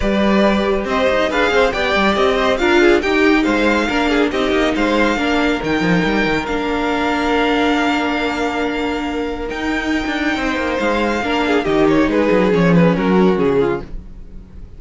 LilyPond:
<<
  \new Staff \with { instrumentName = "violin" } { \time 4/4 \tempo 4 = 139 d''2 dis''4 f''4 | g''4 dis''4 f''4 g''4 | f''2 dis''4 f''4~ | f''4 g''2 f''4~ |
f''1~ | f''2 g''2~ | g''4 f''2 dis''8 cis''8 | b'4 cis''8 b'8 ais'4 gis'4 | }
  \new Staff \with { instrumentName = "violin" } { \time 4/4 b'2 c''4 b'8 c''8 | d''4. c''8 ais'8 gis'8 g'4 | c''4 ais'8 gis'8 g'4 c''4 | ais'1~ |
ais'1~ | ais'1 | c''2 ais'8 gis'8 g'4 | gis'2 fis'4. f'8 | }
  \new Staff \with { instrumentName = "viola" } { \time 4/4 g'2. gis'4 | g'2 f'4 dis'4~ | dis'4 d'4 dis'2 | d'4 dis'2 d'4~ |
d'1~ | d'2 dis'2~ | dis'2 d'4 dis'4~ | dis'4 cis'2. | }
  \new Staff \with { instrumentName = "cello" } { \time 4/4 g2 c'8 dis'8 d'8 c'8 | b8 g8 c'4 d'4 dis'4 | gis4 ais4 c'8 ais8 gis4 | ais4 dis8 f8 g8 dis8 ais4~ |
ais1~ | ais2 dis'4~ dis'16 d'8. | c'8 ais8 gis4 ais4 dis4 | gis8 fis8 f4 fis4 cis4 | }
>>